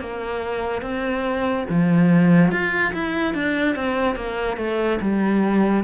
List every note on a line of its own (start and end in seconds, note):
0.00 0.82 A#3
0.82 1.65 C4
1.69 2.51 F3
2.51 2.93 F4
2.94 3.34 E4
3.34 3.75 D4
3.75 4.16 C4
4.16 4.57 A#3
4.57 4.99 A3
5.01 5.84 G3